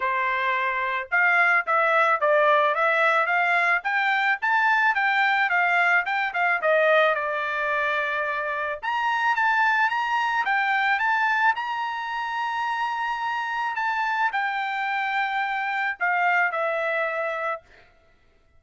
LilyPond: \new Staff \with { instrumentName = "trumpet" } { \time 4/4 \tempo 4 = 109 c''2 f''4 e''4 | d''4 e''4 f''4 g''4 | a''4 g''4 f''4 g''8 f''8 | dis''4 d''2. |
ais''4 a''4 ais''4 g''4 | a''4 ais''2.~ | ais''4 a''4 g''2~ | g''4 f''4 e''2 | }